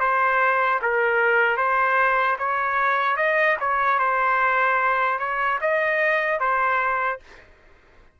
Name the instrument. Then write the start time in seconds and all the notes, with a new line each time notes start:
trumpet
0.00 C5
0.82 A#4
1.57 C5
2.39 C#5
3.17 D#5
3.60 C#5
3.99 C5
5.19 C#5
5.61 D#5
6.40 C5